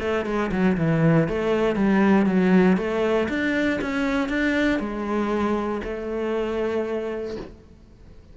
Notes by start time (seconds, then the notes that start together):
0.00 A3
0.25 G#3
0.52 F#3
0.77 E3
1.28 A3
1.75 G3
2.26 F#3
2.77 A3
3.29 D4
3.81 C#4
4.29 D4
4.80 G#3
5.84 A3